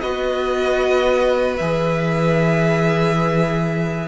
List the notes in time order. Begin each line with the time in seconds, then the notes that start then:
0.00 B3 F#4 B4 D#5
1.56 E3 G#4 E5